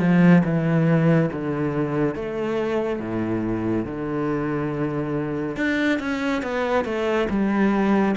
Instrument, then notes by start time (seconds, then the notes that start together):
cello
0.00 F3
0.45 E3
1.32 D3
2.16 A3
3.00 A2
3.86 D3
5.57 D4
6.00 C#4
6.43 B3
6.85 A3
7.30 G3